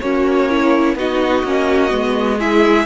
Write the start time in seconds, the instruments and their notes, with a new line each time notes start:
0.00 cello A#3, violin C#4 C#5, viola F#4
0.49 viola E4
0.95 cello B3, viola D#4, violin F#4 D#5
1.43 cello A#3, viola C#4
1.90 cello G#3, viola B3
2.38 viola E4, violin G#4 E5